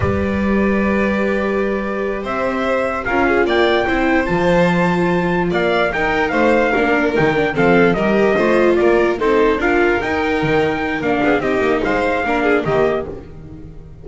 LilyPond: <<
  \new Staff \with { instrumentName = "trumpet" } { \time 4/4 \tempo 4 = 147 d''1~ | d''4. e''2 f''8~ | f''8 g''2 a''4.~ | a''4. f''4 g''4 f''8~ |
f''4. g''4 f''4 dis''8~ | dis''4. d''4 c''4 f''8~ | f''8 g''2~ g''8 f''4 | dis''4 f''2 dis''4 | }
  \new Staff \with { instrumentName = "violin" } { \time 4/4 b'1~ | b'4. c''2 ais'8 | gis'8 d''4 c''2~ c''8~ | c''4. d''4 ais'4 c''8~ |
c''8 ais'2 a'4 ais'8~ | ais'8 c''4 ais'4 a'4 ais'8~ | ais'2.~ ais'8 gis'8 | g'4 c''4 ais'8 gis'8 g'4 | }
  \new Staff \with { instrumentName = "viola" } { \time 4/4 g'1~ | g'2.~ g'8 f'8~ | f'4. e'4 f'4.~ | f'2~ f'8 dis'4.~ |
dis'8 d'4 dis'8 d'8 c'4 g'8~ | g'8 f'2 dis'4 f'8~ | f'8 dis'2~ dis'8 d'4 | dis'2 d'4 ais4 | }
  \new Staff \with { instrumentName = "double bass" } { \time 4/4 g1~ | g4. c'2 cis'8~ | cis'8 ais4 c'4 f4.~ | f4. ais4 dis'4 a8~ |
a8 ais4 dis4 f4 g8~ | g8 a4 ais4 c'4 d'8~ | d'8 dis'4 dis4. ais8 b8 | c'8 ais8 gis4 ais4 dis4 | }
>>